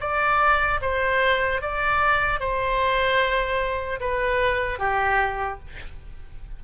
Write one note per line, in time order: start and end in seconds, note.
0.00 0.80 D5
0.81 1.61 C5
1.61 2.40 D5
2.40 4.00 C5
4.00 4.79 B4
4.79 5.59 G4